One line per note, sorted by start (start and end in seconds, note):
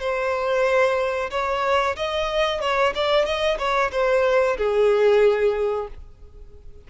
0.00 1.30 C5
1.31 1.96 C#5
1.97 2.61 D#5
2.61 2.94 C#5
2.96 3.26 D5
3.26 3.58 D#5
3.59 3.91 C#5
3.92 4.57 C5
4.58 5.88 G#4